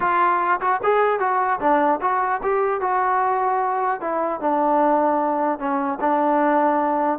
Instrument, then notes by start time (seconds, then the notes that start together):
trombone
0.00 F4
0.60 F#4
0.83 G#4
1.19 F#4
1.60 D4
2.01 F#4
2.42 G4
2.80 F#4
4.00 E4
4.40 D4
5.58 C#4
6.00 D4